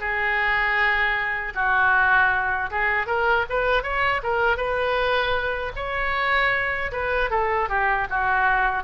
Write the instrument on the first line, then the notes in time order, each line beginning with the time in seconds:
oboe
0.00 G#4
1.55 F#4
2.71 G#4
3.07 A#4
3.50 B4
3.84 C#5
4.23 A#4
4.57 B4
5.76 C#5
6.92 B4
7.31 A4
7.69 G4
8.10 F#4